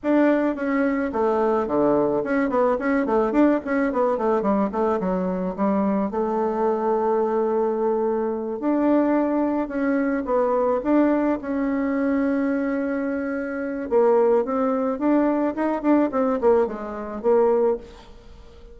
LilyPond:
\new Staff \with { instrumentName = "bassoon" } { \time 4/4 \tempo 4 = 108 d'4 cis'4 a4 d4 | cis'8 b8 cis'8 a8 d'8 cis'8 b8 a8 | g8 a8 fis4 g4 a4~ | a2.~ a8 d'8~ |
d'4. cis'4 b4 d'8~ | d'8 cis'2.~ cis'8~ | cis'4 ais4 c'4 d'4 | dis'8 d'8 c'8 ais8 gis4 ais4 | }